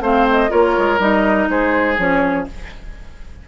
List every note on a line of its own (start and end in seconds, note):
0.00 0.49 A3
0.00 0.49 C4
0.00 0.51 C5
0.00 0.28 F5
0.31 0.52 D#5
0.49 0.78 A#3
0.49 0.98 F4
0.49 1.49 A#4
0.49 1.01 C#5
0.78 0.99 G#3
0.99 1.48 G3
0.99 1.97 D#4
0.99 1.50 D#5
1.49 1.98 G#3
1.49 2.49 G#4
1.49 1.99 C5
1.98 2.47 F3
1.98 2.47 C#4
1.98 2.47 C#5